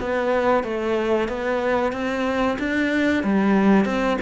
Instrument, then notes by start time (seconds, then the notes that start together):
cello
0.00 B3
0.63 A3
1.28 B3
1.92 C4
2.58 D4
3.23 G3
3.85 C4